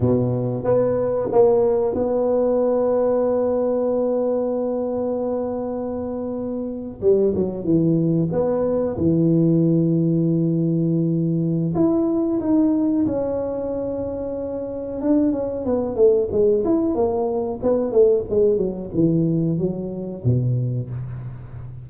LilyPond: \new Staff \with { instrumentName = "tuba" } { \time 4/4 \tempo 4 = 92 b,4 b4 ais4 b4~ | b1~ | b2~ b8. g8 fis8 e16~ | e8. b4 e2~ e16~ |
e2 e'4 dis'4 | cis'2. d'8 cis'8 | b8 a8 gis8 e'8 ais4 b8 a8 | gis8 fis8 e4 fis4 b,4 | }